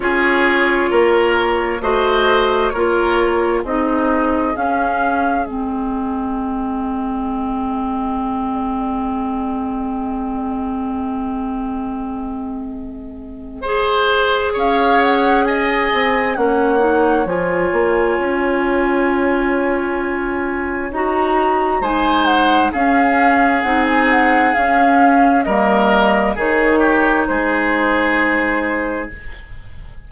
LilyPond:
<<
  \new Staff \with { instrumentName = "flute" } { \time 4/4 \tempo 4 = 66 cis''2 dis''4 cis''4 | dis''4 f''4 dis''2~ | dis''1~ | dis''1 |
f''8 fis''8 gis''4 fis''4 gis''4~ | gis''2. ais''4 | gis''8 fis''8 f''4 fis''16 gis''16 fis''8 f''4 | dis''4 cis''4 c''2 | }
  \new Staff \with { instrumentName = "oboe" } { \time 4/4 gis'4 ais'4 c''4 ais'4 | gis'1~ | gis'1~ | gis'2. c''4 |
cis''4 dis''4 cis''2~ | cis''1 | c''4 gis'2. | ais'4 gis'8 g'8 gis'2 | }
  \new Staff \with { instrumentName = "clarinet" } { \time 4/4 f'2 fis'4 f'4 | dis'4 cis'4 c'2~ | c'1~ | c'2. gis'4~ |
gis'2 cis'8 dis'8 f'4~ | f'2. fis'4 | dis'4 cis'4 dis'4 cis'4 | ais4 dis'2. | }
  \new Staff \with { instrumentName = "bassoon" } { \time 4/4 cis'4 ais4 a4 ais4 | c'4 cis'4 gis2~ | gis1~ | gis1 |
cis'4. c'8 ais4 f8 ais8 | cis'2. dis'4 | gis4 cis'4 c'4 cis'4 | g4 dis4 gis2 | }
>>